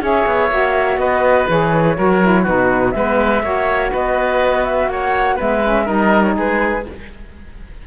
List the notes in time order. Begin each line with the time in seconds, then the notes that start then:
0.00 C#4 G#4 C#5 E5
0.26 B3
0.49 A#3 F#4
0.97 B3 B4 D#5
1.48 E3 G#4 C#5
1.95 F#3 F#4 A#4
2.21 E4
2.42 D#4 F#4 B4
2.48 B2
2.91 G#3 B3 B4 E5
3.42 A#3 F#4 C#5
3.92 B3 B4 D#5
4.64 E5
4.87 A#3 C#5 F#5
5.36 G#3 B3 B4 E5
5.64 C#4
5.85 G3 D#4 A#4 D#5
6.23 C#5
6.36 G#3 G#4 B4